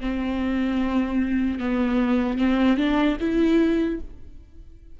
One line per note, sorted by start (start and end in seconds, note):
0.00 1.59 C4
1.59 2.38 B3
2.38 2.77 C4
2.77 3.17 D4
3.20 4.00 E4